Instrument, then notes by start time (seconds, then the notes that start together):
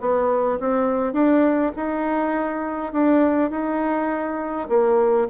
bassoon
0.00 B3
0.60 C4
1.13 D4
1.76 D#4
2.93 D4
3.50 D#4
4.69 A#3